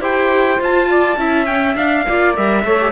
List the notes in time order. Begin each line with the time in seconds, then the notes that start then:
0.00 E4 G4 C5 G5
0.58 F4 A5
0.89 D5
1.16 C#4 E4 E5
1.45 C#4 G5
1.74 D4 F5
2.07 A#3 F4 D5
2.36 G3 A#4 E5
2.63 A3 A4 C#5
2.80 G4